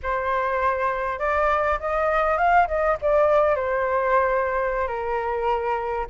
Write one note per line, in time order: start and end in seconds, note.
0.03 1.19 C5
1.19 1.78 D5
1.79 2.37 D#5
2.37 2.67 F5
2.67 2.97 D#5
3.01 3.55 D5
3.55 4.87 C5
4.87 6.06 A#4